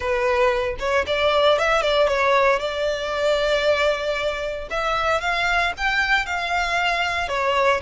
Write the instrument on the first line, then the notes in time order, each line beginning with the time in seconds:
violin
0.00 B4
0.79 C#5
1.06 D5
1.58 E5
1.81 D5
2.07 C#5
2.59 D5
4.70 E5
5.20 F5
5.77 G5
6.26 F5
7.28 C#5